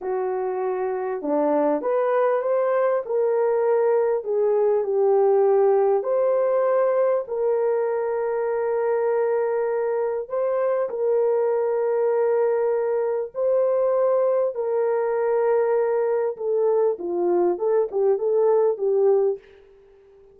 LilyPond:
\new Staff \with { instrumentName = "horn" } { \time 4/4 \tempo 4 = 99 fis'2 d'4 b'4 | c''4 ais'2 gis'4 | g'2 c''2 | ais'1~ |
ais'4 c''4 ais'2~ | ais'2 c''2 | ais'2. a'4 | f'4 a'8 g'8 a'4 g'4 | }